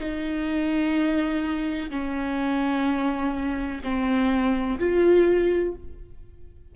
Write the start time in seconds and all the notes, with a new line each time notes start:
0.00 D#4
1.91 C#4
3.84 C4
4.80 F4